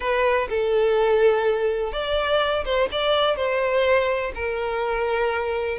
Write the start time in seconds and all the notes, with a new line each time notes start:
0.00 B4
0.49 A4
1.92 D5
2.64 C5
2.91 D5
3.36 C5
4.34 A#4